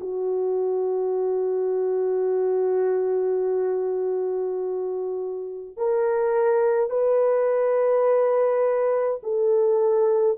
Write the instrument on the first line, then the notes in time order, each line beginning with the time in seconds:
horn
0.00 F#4
5.77 A#4
6.90 B4
9.23 A4